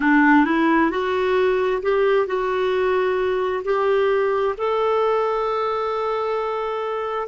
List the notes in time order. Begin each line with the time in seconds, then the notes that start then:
0.00 D4
0.45 E4
0.90 F#4
1.82 G4
2.26 F#4
3.64 G4
4.57 A4